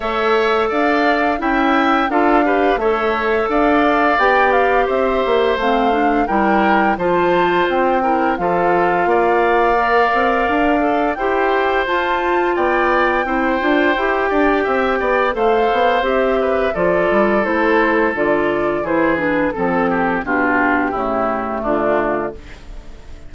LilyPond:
<<
  \new Staff \with { instrumentName = "flute" } { \time 4/4 \tempo 4 = 86 e''4 f''4 g''4 f''4 | e''4 f''4 g''8 f''8 e''4 | f''4 g''4 a''4 g''4 | f''1 |
g''4 a''4 g''2~ | g''2 f''4 e''4 | d''4 c''4 d''4 c''8 b'8 | a'4 g'2 f'4 | }
  \new Staff \with { instrumentName = "oboe" } { \time 4/4 cis''4 d''4 e''4 a'8 b'8 | cis''4 d''2 c''4~ | c''4 ais'4 c''4. ais'8 | a'4 d''2. |
c''2 d''4 c''4~ | c''8 d''8 e''8 d''8 c''4. b'8 | a'2. gis'4 | a'8 g'8 f'4 e'4 d'4 | }
  \new Staff \with { instrumentName = "clarinet" } { \time 4/4 a'2 e'4 f'8 g'8 | a'2 g'2 | c'8 d'8 e'4 f'4. e'8 | f'2 ais'4. a'8 |
g'4 f'2 e'8 f'8 | g'2 a'4 g'4 | f'4 e'4 f'4 e'8 d'8 | c'4 d'4 a2 | }
  \new Staff \with { instrumentName = "bassoon" } { \time 4/4 a4 d'4 cis'4 d'4 | a4 d'4 b4 c'8 ais8 | a4 g4 f4 c'4 | f4 ais4. c'8 d'4 |
e'4 f'4 b4 c'8 d'8 | e'8 d'8 c'8 b8 a8 b8 c'4 | f8 g8 a4 d4 e4 | f4 b,4 cis4 d4 | }
>>